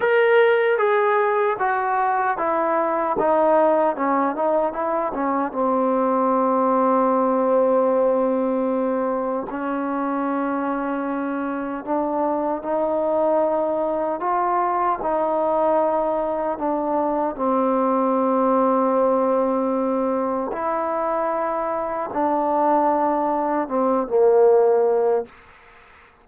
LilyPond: \new Staff \with { instrumentName = "trombone" } { \time 4/4 \tempo 4 = 76 ais'4 gis'4 fis'4 e'4 | dis'4 cis'8 dis'8 e'8 cis'8 c'4~ | c'1 | cis'2. d'4 |
dis'2 f'4 dis'4~ | dis'4 d'4 c'2~ | c'2 e'2 | d'2 c'8 ais4. | }